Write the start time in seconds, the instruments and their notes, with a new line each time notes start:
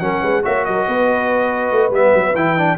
0.00 tuba F#3, trombone C#4, horn A#4, trumpet F#5
0.22 tuba G#3, horn B4
0.43 tuba A#3, trombone F#4, horn C#5, trumpet E5
0.65 tuba F#3, horn A#4, trumpet D#5
0.88 tuba B3, horn B4
1.72 tuba A3
1.91 tuba G3, trombone B3, trumpet E5
2.14 tuba F#3
2.35 tuba E3, trombone E4, trumpet G5
2.58 trombone D4